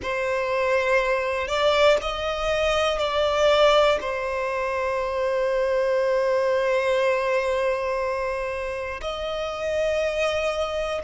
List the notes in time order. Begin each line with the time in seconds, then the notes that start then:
0.02 C5
1.47 D5
2.01 D#5
2.98 D5
4.00 C5
9.01 D#5